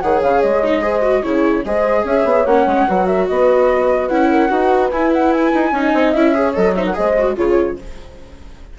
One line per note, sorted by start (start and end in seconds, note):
0.00 0.23 D#3
0.00 0.63 G#4
0.00 0.82 C#5
0.00 0.20 F#5
0.22 0.43 C#3
0.22 0.41 F5
0.41 1.24 G#3
0.41 1.23 D#5
0.63 0.82 D#4
0.82 1.02 G#4
0.82 1.23 C5
1.02 1.22 F#4
1.23 1.64 C#3
1.23 1.64 E4
1.23 1.65 G#4
1.23 1.64 C#5
1.64 2.04 G#3
1.64 2.47 G#4
1.64 2.04 C5
1.64 2.05 D#5
2.04 2.24 C#4
2.04 2.86 C#5
2.04 2.45 E5
2.24 2.45 B3
2.45 2.66 A#3
2.45 2.88 C#4
2.45 3.06 F#5
2.66 2.86 G#3
2.87 3.30 F#3
2.87 4.10 F#4
2.87 3.07 B4
3.06 3.27 A#4
3.06 3.26 E5
3.27 4.10 B3
3.27 4.30 B4
3.27 4.08 D#5
4.08 4.50 C#4
4.08 4.49 E4
4.08 4.89 F#5
4.30 4.50 A#4
4.49 4.91 D#4
4.49 4.89 F#4
4.49 5.72 B4
4.91 5.53 E4
4.91 5.74 E4
4.91 5.11 G#5
5.13 5.32 F#5
5.32 6.11 G#5
5.54 5.72 D#4
5.72 5.92 C#4
5.72 6.15 D#4
5.72 6.34 D#5
5.94 6.14 C4
6.11 6.55 C#4
6.11 6.35 E4
6.11 6.52 E5
6.34 6.54 G#4
6.34 6.75 C#5
6.54 6.97 F#3
6.54 6.74 A4
6.54 6.74 D#5
6.74 6.93 D#4
6.74 6.86 C5
6.74 6.85 E5
6.85 6.96 A#4
6.85 6.95 F#5
6.93 7.37 G#3
6.93 7.14 G#4
6.93 7.36 C5
6.93 7.36 D#5
7.19 7.36 F#4
7.36 7.78 C#3
7.36 7.77 F4
7.36 7.77 G#4
7.36 7.79 C#5